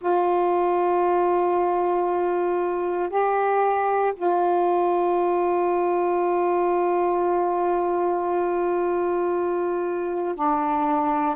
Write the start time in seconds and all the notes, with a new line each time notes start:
0.00 F4
3.09 G4
4.16 F4
10.35 D4